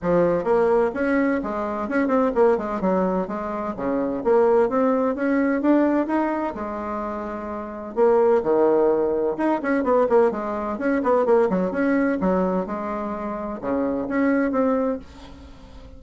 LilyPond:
\new Staff \with { instrumentName = "bassoon" } { \time 4/4 \tempo 4 = 128 f4 ais4 cis'4 gis4 | cis'8 c'8 ais8 gis8 fis4 gis4 | cis4 ais4 c'4 cis'4 | d'4 dis'4 gis2~ |
gis4 ais4 dis2 | dis'8 cis'8 b8 ais8 gis4 cis'8 b8 | ais8 fis8 cis'4 fis4 gis4~ | gis4 cis4 cis'4 c'4 | }